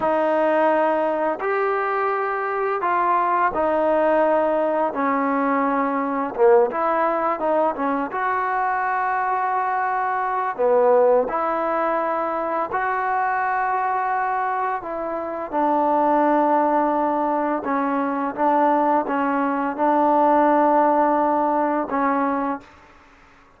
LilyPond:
\new Staff \with { instrumentName = "trombone" } { \time 4/4 \tempo 4 = 85 dis'2 g'2 | f'4 dis'2 cis'4~ | cis'4 ais8 e'4 dis'8 cis'8 fis'8~ | fis'2. b4 |
e'2 fis'2~ | fis'4 e'4 d'2~ | d'4 cis'4 d'4 cis'4 | d'2. cis'4 | }